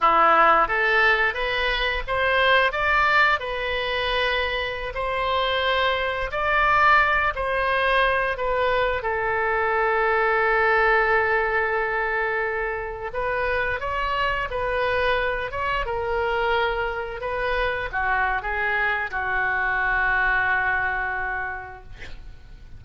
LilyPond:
\new Staff \with { instrumentName = "oboe" } { \time 4/4 \tempo 4 = 88 e'4 a'4 b'4 c''4 | d''4 b'2~ b'16 c''8.~ | c''4~ c''16 d''4. c''4~ c''16~ | c''16 b'4 a'2~ a'8.~ |
a'2.~ a'16 b'8.~ | b'16 cis''4 b'4. cis''8 ais'8.~ | ais'4~ ais'16 b'4 fis'8. gis'4 | fis'1 | }